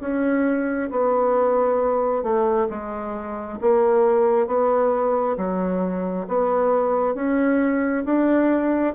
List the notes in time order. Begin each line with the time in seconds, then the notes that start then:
0.00 C#4
0.90 B3
2.23 A3
2.69 G#3
3.61 A#3
4.47 B3
5.37 F#3
6.27 B3
7.14 C#4
8.05 D4